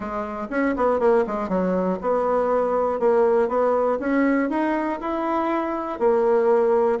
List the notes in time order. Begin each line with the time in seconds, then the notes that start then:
0.00 G#3
0.50 C#4
0.76 B3
0.99 A#3
1.26 G#3
1.48 F#3
2.01 B3
2.99 A#3
3.48 B3
3.99 C#4
4.49 D#4
5.00 E4
5.99 A#3